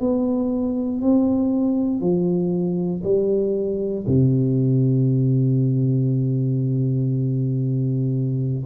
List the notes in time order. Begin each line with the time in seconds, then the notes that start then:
0.00 B3
1.02 C4
2.01 F3
3.03 G3
4.07 C3